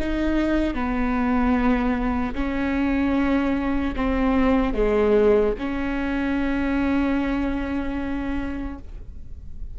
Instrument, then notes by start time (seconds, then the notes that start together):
viola
0.00 D#4
0.75 B3
2.35 C#4
3.96 C4
4.74 G#3
5.59 C#4